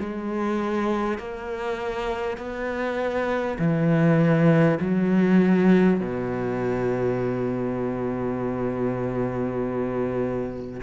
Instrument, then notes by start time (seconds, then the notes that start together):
cello
0.00 G#3
1.18 A#3
2.37 B3
3.59 E3
4.80 F#3
6.01 B2